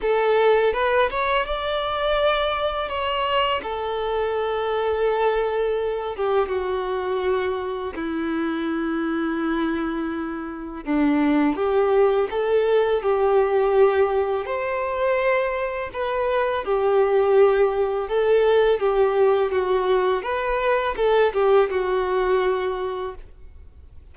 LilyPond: \new Staff \with { instrumentName = "violin" } { \time 4/4 \tempo 4 = 83 a'4 b'8 cis''8 d''2 | cis''4 a'2.~ | a'8 g'8 fis'2 e'4~ | e'2. d'4 |
g'4 a'4 g'2 | c''2 b'4 g'4~ | g'4 a'4 g'4 fis'4 | b'4 a'8 g'8 fis'2 | }